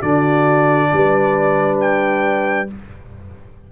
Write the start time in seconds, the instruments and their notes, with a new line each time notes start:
0.00 tuba D3, trombone D4, horn F#4, trumpet D5
0.92 tuba G3, horn B4
1.80 trumpet G5